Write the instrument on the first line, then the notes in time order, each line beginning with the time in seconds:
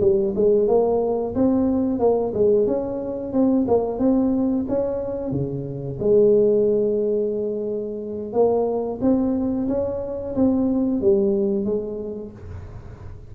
tuba
0.00 G3
0.35 G#3
0.67 A#3
1.34 C4
1.99 A#3
2.34 G#3
2.66 C#4
3.32 C4
3.67 A#3
3.98 C4
4.68 C#4
5.31 C#3
5.99 G#3
8.32 A#3
9.01 C4
9.68 C#4
10.35 C4
11.01 G3
11.65 G#3